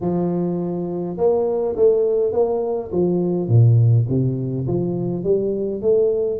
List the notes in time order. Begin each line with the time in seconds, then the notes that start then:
0.00 F3
1.17 A#3
1.76 A3
2.32 A#3
2.91 F3
3.48 A#2
4.08 C3
4.67 F3
5.23 G3
5.81 A3